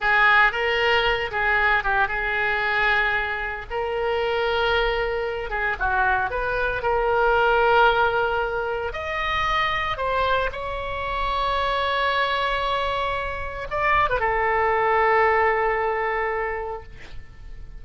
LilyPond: \new Staff \with { instrumentName = "oboe" } { \time 4/4 \tempo 4 = 114 gis'4 ais'4. gis'4 g'8 | gis'2. ais'4~ | ais'2~ ais'8 gis'8 fis'4 | b'4 ais'2.~ |
ais'4 dis''2 c''4 | cis''1~ | cis''2 d''8. b'16 a'4~ | a'1 | }